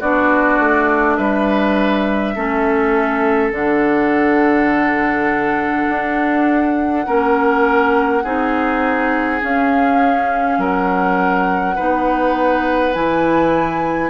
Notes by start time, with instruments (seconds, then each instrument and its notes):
0.00 bassoon B3, clarinet D4, oboe F#4, flute D5
0.60 bassoon A3
1.16 bassoon G3, oboe B4, flute E5
2.35 bassoon A3, clarinet C#4, oboe A4
3.51 bassoon D3, clarinet D4, flute F#5
5.89 bassoon D4
7.05 bassoon A#3, clarinet C#4, oboe A#4
8.23 bassoon C4, clarinet D#4, oboe G#4
9.41 clarinet C#4, bassoon C#4, flute F5
10.58 bassoon F#3, oboe A#4, flute F#5
11.75 bassoon B3, clarinet D#4, oboe B4
12.94 bassoon E3, clarinet E4, flute G#5